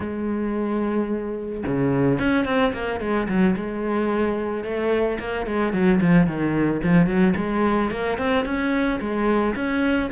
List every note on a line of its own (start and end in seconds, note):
0.00 1.64 G#3
1.66 2.18 C#3
2.18 2.45 C#4
2.45 2.72 C4
2.73 3.00 A#3
3.00 3.27 G#3
3.28 3.55 F#3
3.56 4.64 G#3
4.64 5.18 A3
5.19 5.46 A#3
5.46 5.72 G#3
5.72 6.00 F#3
6.00 6.26 F3
6.26 6.81 D#3
6.83 7.06 F3
7.06 7.34 F#3
7.36 7.90 G#3
7.90 8.17 A#3
8.18 8.45 C4
8.45 8.99 C#4
9.00 9.55 G#3
9.55 10.09 C#4